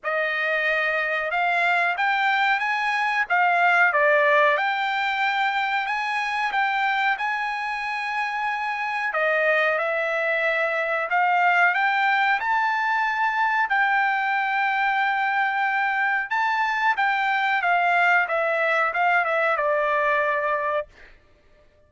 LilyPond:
\new Staff \with { instrumentName = "trumpet" } { \time 4/4 \tempo 4 = 92 dis''2 f''4 g''4 | gis''4 f''4 d''4 g''4~ | g''4 gis''4 g''4 gis''4~ | gis''2 dis''4 e''4~ |
e''4 f''4 g''4 a''4~ | a''4 g''2.~ | g''4 a''4 g''4 f''4 | e''4 f''8 e''8 d''2 | }